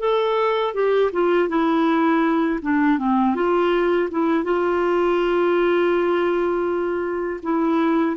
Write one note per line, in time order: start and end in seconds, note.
0.00 0.74 A4
0.74 1.11 G4
1.12 1.49 F4
1.49 2.60 E4
2.62 2.99 D4
2.99 3.35 C4
3.35 4.09 F4
4.11 4.44 E4
4.44 7.41 F4
7.43 8.17 E4